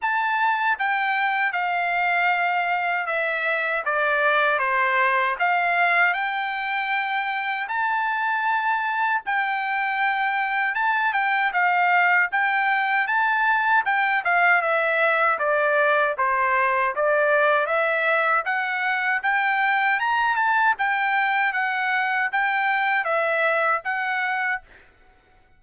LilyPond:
\new Staff \with { instrumentName = "trumpet" } { \time 4/4 \tempo 4 = 78 a''4 g''4 f''2 | e''4 d''4 c''4 f''4 | g''2 a''2 | g''2 a''8 g''8 f''4 |
g''4 a''4 g''8 f''8 e''4 | d''4 c''4 d''4 e''4 | fis''4 g''4 ais''8 a''8 g''4 | fis''4 g''4 e''4 fis''4 | }